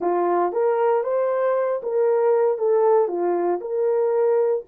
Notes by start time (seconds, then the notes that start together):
0.00 F4
0.52 A#4
1.03 C5
1.82 A#4
2.57 A4
3.08 F4
3.60 A#4